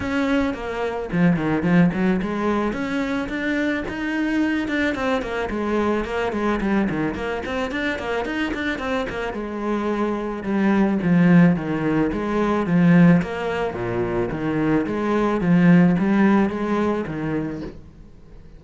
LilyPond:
\new Staff \with { instrumentName = "cello" } { \time 4/4 \tempo 4 = 109 cis'4 ais4 f8 dis8 f8 fis8 | gis4 cis'4 d'4 dis'4~ | dis'8 d'8 c'8 ais8 gis4 ais8 gis8 | g8 dis8 ais8 c'8 d'8 ais8 dis'8 d'8 |
c'8 ais8 gis2 g4 | f4 dis4 gis4 f4 | ais4 ais,4 dis4 gis4 | f4 g4 gis4 dis4 | }